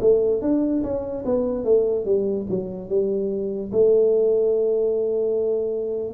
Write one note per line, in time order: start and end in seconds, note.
0.00 0.41 A3
0.41 0.83 D4
0.83 1.24 C#4
1.25 1.64 B3
1.64 2.05 A3
2.05 2.46 G3
2.50 2.88 F#3
2.88 3.71 G3
3.72 6.13 A3